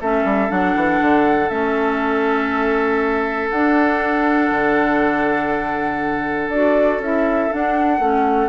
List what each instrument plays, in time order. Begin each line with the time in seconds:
0.00 bassoon A3, clarinet C#4, oboe A4, flute E5
0.24 bassoon G3
0.48 bassoon F#3, clarinet D4, flute F#5
0.75 bassoon E3
1.00 bassoon D3
1.49 bassoon A3, clarinet C#4, flute E5
3.50 bassoon D4, clarinet D4, flute F#5
4.50 bassoon D3
6.48 bassoon D4, clarinet F#4, flute D5
6.98 bassoon C#4, clarinet E4, flute E5
7.50 clarinet D4, bassoon D4, flute F#5
7.99 bassoon A3, clarinet C#4